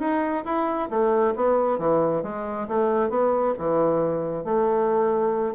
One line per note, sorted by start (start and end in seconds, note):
0.00 0.44 D#4
0.45 0.89 E4
0.90 1.35 A3
1.36 1.79 B3
1.79 2.23 E3
2.23 2.68 G#3
2.68 3.10 A3
3.10 3.55 B3
3.59 4.45 E3
4.45 5.55 A3